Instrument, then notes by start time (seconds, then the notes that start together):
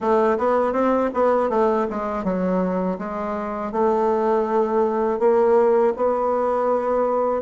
bassoon
0.00 A3
0.38 B3
0.72 C4
1.13 B3
1.49 A3
1.90 G#3
2.24 F#3
2.98 G#3
3.72 A3
5.19 A#3
5.96 B3